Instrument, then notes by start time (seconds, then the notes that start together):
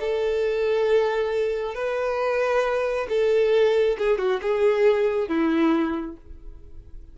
violin
0.00 A4
1.74 B4
3.09 A4
3.98 G#4
4.18 F#4
4.42 G#4
5.28 E4